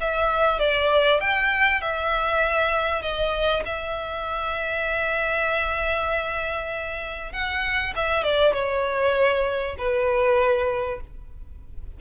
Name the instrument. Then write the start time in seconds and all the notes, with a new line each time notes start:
violin
0.00 E5
0.59 D5
1.20 G5
1.81 E5
3.02 D#5
3.65 E5
7.32 F#5
7.95 E5
8.23 D5
8.53 C#5
9.78 B4